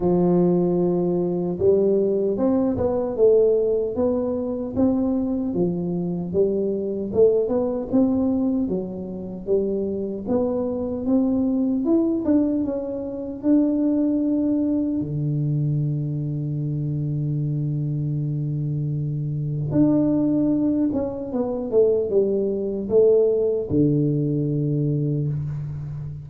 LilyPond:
\new Staff \with { instrumentName = "tuba" } { \time 4/4 \tempo 4 = 76 f2 g4 c'8 b8 | a4 b4 c'4 f4 | g4 a8 b8 c'4 fis4 | g4 b4 c'4 e'8 d'8 |
cis'4 d'2 d4~ | d1~ | d4 d'4. cis'8 b8 a8 | g4 a4 d2 | }